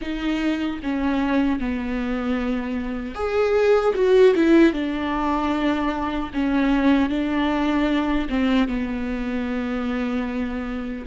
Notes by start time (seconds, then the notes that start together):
0.01 D#4
0.82 C#4
1.59 B3
3.14 G#4
3.95 F#4
4.35 E4
4.72 D4
6.33 C#4
7.09 D4
8.29 C4
8.68 B3